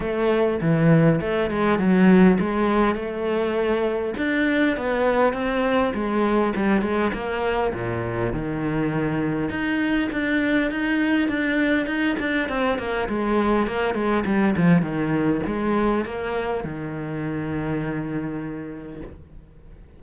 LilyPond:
\new Staff \with { instrumentName = "cello" } { \time 4/4 \tempo 4 = 101 a4 e4 a8 gis8 fis4 | gis4 a2 d'4 | b4 c'4 gis4 g8 gis8 | ais4 ais,4 dis2 |
dis'4 d'4 dis'4 d'4 | dis'8 d'8 c'8 ais8 gis4 ais8 gis8 | g8 f8 dis4 gis4 ais4 | dis1 | }